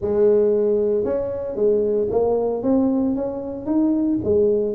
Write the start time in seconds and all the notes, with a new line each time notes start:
0.01 G#3
1.04 C#4
1.55 G#3
2.10 A#3
2.62 C4
3.15 C#4
3.66 D#4
4.23 G#3